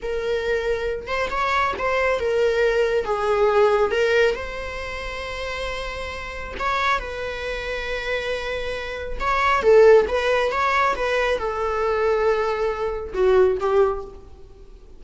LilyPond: \new Staff \with { instrumentName = "viola" } { \time 4/4 \tempo 4 = 137 ais'2~ ais'8 c''8 cis''4 | c''4 ais'2 gis'4~ | gis'4 ais'4 c''2~ | c''2. cis''4 |
b'1~ | b'4 cis''4 a'4 b'4 | cis''4 b'4 a'2~ | a'2 fis'4 g'4 | }